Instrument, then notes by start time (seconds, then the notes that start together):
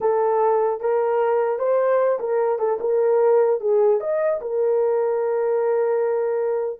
horn
0.01 A4
0.80 A#4
1.58 C5
2.19 A#4
2.59 A4
2.80 A#4
3.60 G#4
4.00 D#5
4.41 A#4